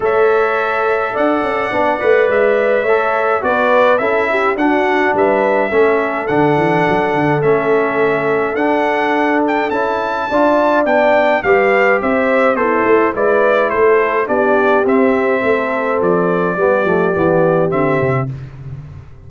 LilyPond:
<<
  \new Staff \with { instrumentName = "trumpet" } { \time 4/4 \tempo 4 = 105 e''2 fis''2 | e''2 d''4 e''4 | fis''4 e''2 fis''4~ | fis''4 e''2 fis''4~ |
fis''8 g''8 a''2 g''4 | f''4 e''4 c''4 d''4 | c''4 d''4 e''2 | d''2. e''4 | }
  \new Staff \with { instrumentName = "horn" } { \time 4/4 cis''2 d''2~ | d''4 cis''4 b'4 a'8 g'8 | fis'4 b'4 a'2~ | a'1~ |
a'2 d''2 | b'4 c''4 e'4 b'4 | a'4 g'2 a'4~ | a'4 g'2. | }
  \new Staff \with { instrumentName = "trombone" } { \time 4/4 a'2. d'8 b'8~ | b'4 a'4 fis'4 e'4 | d'2 cis'4 d'4~ | d'4 cis'2 d'4~ |
d'4 e'4 f'4 d'4 | g'2 a'4 e'4~ | e'4 d'4 c'2~ | c'4 b8 a8 b4 c'4 | }
  \new Staff \with { instrumentName = "tuba" } { \time 4/4 a2 d'8 cis'8 b8 a8 | gis4 a4 b4 cis'4 | d'4 g4 a4 d8 e8 | fis8 d8 a2 d'4~ |
d'4 cis'4 d'4 b4 | g4 c'4 b8 a8 gis4 | a4 b4 c'4 a4 | f4 g8 f8 e4 d8 c8 | }
>>